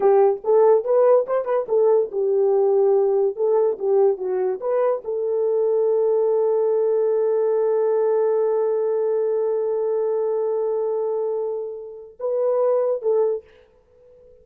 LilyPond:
\new Staff \with { instrumentName = "horn" } { \time 4/4 \tempo 4 = 143 g'4 a'4 b'4 c''8 b'8 | a'4 g'2. | a'4 g'4 fis'4 b'4 | a'1~ |
a'1~ | a'1~ | a'1~ | a'4 b'2 a'4 | }